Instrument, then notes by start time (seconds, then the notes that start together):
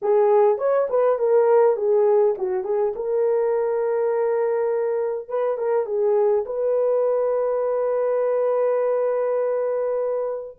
horn
0.02 G#4
0.57 C#5
0.89 B4
1.18 A#4
1.76 G#4
2.38 F#4
2.64 G#4
2.95 A#4
5.28 B4
5.57 A#4
5.86 G#4
6.45 B4